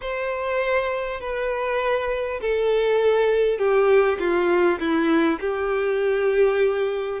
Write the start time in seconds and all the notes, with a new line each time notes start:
0.01 C5
1.20 B4
2.41 A4
3.58 G4
4.19 F4
4.79 E4
5.40 G4